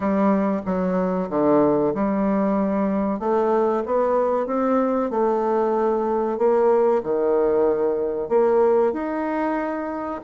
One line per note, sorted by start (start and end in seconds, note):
0.00 0.61 G3
0.65 1.29 F#3
1.29 1.93 D3
1.94 3.19 G3
3.19 3.83 A3
3.85 4.46 B3
4.46 5.10 C4
5.10 6.38 A3
6.38 7.02 A#3
7.03 8.28 D#3
8.28 8.92 A#3
8.92 10.20 D#4